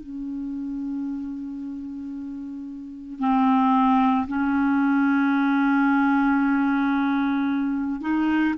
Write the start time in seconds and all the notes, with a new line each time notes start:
0.00 C#4
3.20 C4
4.28 C#4
8.01 D#4